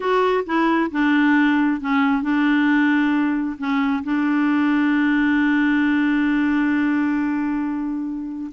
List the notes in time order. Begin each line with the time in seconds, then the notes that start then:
0.00 F#4
0.46 E4
0.91 D4
1.81 C#4
2.22 D4
3.58 C#4
4.03 D4